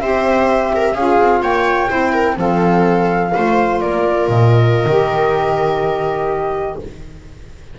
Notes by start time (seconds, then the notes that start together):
0.00 C4 G4 C5 E5
0.75 A#4
0.93 C#4 F4 G#4 F5
1.19 C4
1.42 A#3 C#5 G5
1.87 C4 E4 C5
2.12 A#4
2.35 F3 C4 A4 F5
3.34 A3 F4 C5
3.80 A#3 A#4 D5
4.28 A#2 D#5
4.85 D#3 G4